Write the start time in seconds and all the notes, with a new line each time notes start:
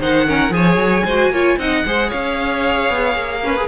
0.00 D#3 D#4 C5 F#5
0.27 C#4 A#4
0.50 F3 G#4 C#5 G#5
0.77 F#3
1.05 G#3 F#4 C5
1.29 A#3 F4 C#5
1.57 C4 D#4 D#5 F#5
1.85 G#3 G#4 C5
2.09 C#4 C#5 F5
2.89 B3
3.15 A#3
3.44 C#4 B4
3.56 G#4